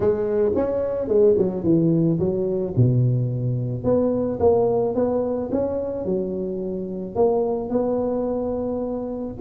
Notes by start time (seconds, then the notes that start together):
0.00 G#3
0.55 C#4
1.08 G#3
1.38 F#3
1.63 E3
2.19 F#3
2.76 B2
3.84 B3
4.39 A#3
4.94 B3
5.51 C#4
6.05 F#3
7.15 A#3
7.69 B3